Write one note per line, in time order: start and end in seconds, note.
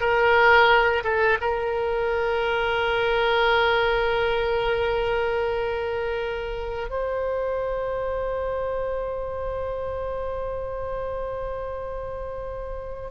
0.00 1.03 A#4
1.03 1.38 A4
1.41 6.90 A#4
6.90 13.10 C5